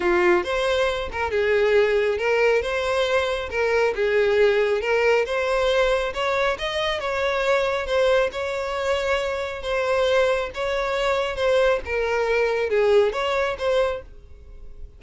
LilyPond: \new Staff \with { instrumentName = "violin" } { \time 4/4 \tempo 4 = 137 f'4 c''4. ais'8 gis'4~ | gis'4 ais'4 c''2 | ais'4 gis'2 ais'4 | c''2 cis''4 dis''4 |
cis''2 c''4 cis''4~ | cis''2 c''2 | cis''2 c''4 ais'4~ | ais'4 gis'4 cis''4 c''4 | }